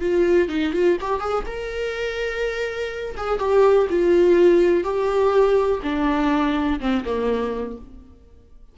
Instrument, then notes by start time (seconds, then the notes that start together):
viola
0.00 F4
0.48 D#4
0.73 F4
1.00 G4
1.20 G#4
1.46 A#4
3.17 G#4
3.39 G4
3.90 F4
4.83 G4
5.83 D4
6.80 C4
7.05 A#3